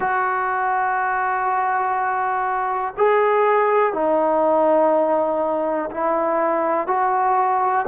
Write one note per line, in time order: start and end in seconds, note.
0.00 2.94 F#4
2.97 3.93 G#4
3.93 5.90 D#4
5.90 6.87 E4
6.87 7.85 F#4